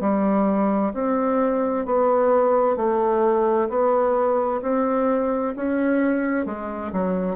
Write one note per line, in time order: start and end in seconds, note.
0.00 0.92 G3
0.94 1.85 C4
1.85 2.76 B3
2.76 3.68 A3
3.69 4.61 B3
4.62 5.54 C4
5.56 6.45 C#4
6.45 6.91 G#3
6.92 7.36 F#3